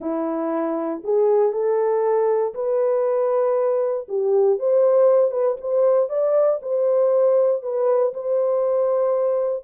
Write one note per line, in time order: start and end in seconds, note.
0.00 1.02 E4
1.04 1.52 G#4
1.52 2.54 A4
2.54 4.07 B4
4.08 4.59 G4
4.59 5.31 C5
5.31 5.56 B4
5.60 6.09 C5
6.09 6.60 D5
6.62 7.62 C5
7.62 8.13 B4
8.13 9.63 C5